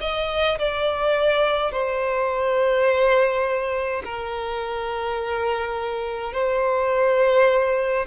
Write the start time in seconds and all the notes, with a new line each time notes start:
0.00 D#5
0.58 D5
1.72 C5
4.04 A#4
6.33 C5